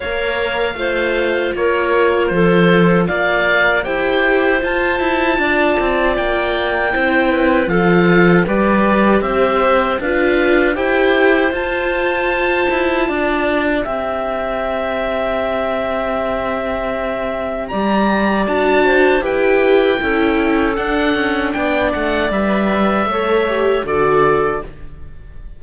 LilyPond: <<
  \new Staff \with { instrumentName = "oboe" } { \time 4/4 \tempo 4 = 78 f''2 cis''4 c''4 | f''4 g''4 a''2 | g''2 f''4 d''4 | e''4 f''4 g''4 a''4~ |
a''2 g''2~ | g''2. ais''4 | a''4 g''2 fis''4 | g''8 fis''8 e''2 d''4 | }
  \new Staff \with { instrumentName = "clarinet" } { \time 4/4 cis''4 c''4 ais'4 a'4 | d''4 c''2 d''4~ | d''4 c''8 b'8 a'4 b'4 | c''4 b'4 c''2~ |
c''4 d''4 e''2~ | e''2. d''4~ | d''8 c''8 b'4 a'2 | d''2 cis''4 a'4 | }
  \new Staff \with { instrumentName = "viola" } { \time 4/4 ais'4 f'2.~ | f'4 g'4 f'2~ | f'4 e'4 f'4 g'4~ | g'4 f'4 g'4 f'4~ |
f'2 g'2~ | g'1 | fis'4 g'4 e'4 d'4~ | d'4 b'4 a'8 g'8 fis'4 | }
  \new Staff \with { instrumentName = "cello" } { \time 4/4 ais4 a4 ais4 f4 | ais4 e'4 f'8 e'8 d'8 c'8 | ais4 c'4 f4 g4 | c'4 d'4 e'4 f'4~ |
f'8 e'8 d'4 c'2~ | c'2. g4 | d'4 e'4 cis'4 d'8 cis'8 | b8 a8 g4 a4 d4 | }
>>